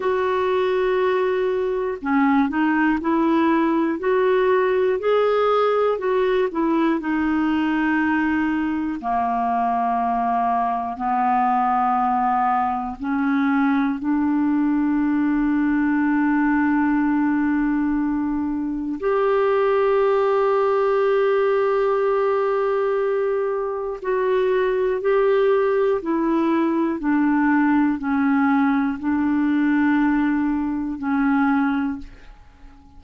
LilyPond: \new Staff \with { instrumentName = "clarinet" } { \time 4/4 \tempo 4 = 60 fis'2 cis'8 dis'8 e'4 | fis'4 gis'4 fis'8 e'8 dis'4~ | dis'4 ais2 b4~ | b4 cis'4 d'2~ |
d'2. g'4~ | g'1 | fis'4 g'4 e'4 d'4 | cis'4 d'2 cis'4 | }